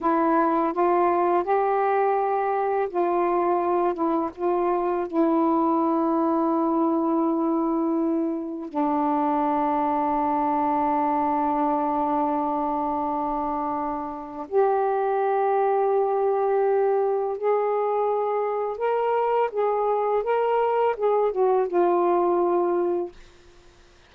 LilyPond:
\new Staff \with { instrumentName = "saxophone" } { \time 4/4 \tempo 4 = 83 e'4 f'4 g'2 | f'4. e'8 f'4 e'4~ | e'1 | d'1~ |
d'1 | g'1 | gis'2 ais'4 gis'4 | ais'4 gis'8 fis'8 f'2 | }